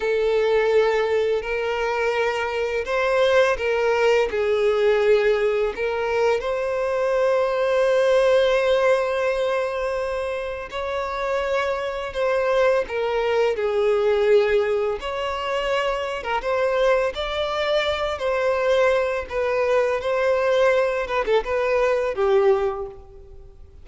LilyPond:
\new Staff \with { instrumentName = "violin" } { \time 4/4 \tempo 4 = 84 a'2 ais'2 | c''4 ais'4 gis'2 | ais'4 c''2.~ | c''2. cis''4~ |
cis''4 c''4 ais'4 gis'4~ | gis'4 cis''4.~ cis''16 ais'16 c''4 | d''4. c''4. b'4 | c''4. b'16 a'16 b'4 g'4 | }